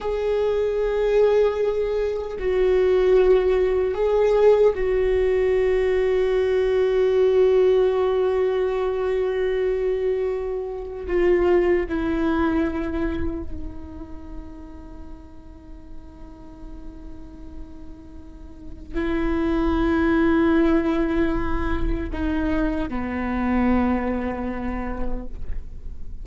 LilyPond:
\new Staff \with { instrumentName = "viola" } { \time 4/4 \tempo 4 = 76 gis'2. fis'4~ | fis'4 gis'4 fis'2~ | fis'1~ | fis'2 f'4 e'4~ |
e'4 dis'2.~ | dis'1 | e'1 | dis'4 b2. | }